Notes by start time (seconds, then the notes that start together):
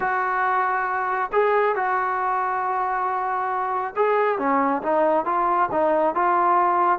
0.00 F#4
1.32 G#4
1.75 F#4
3.96 G#4
4.38 C#4
4.82 D#4
5.25 F4
5.71 D#4
6.14 F4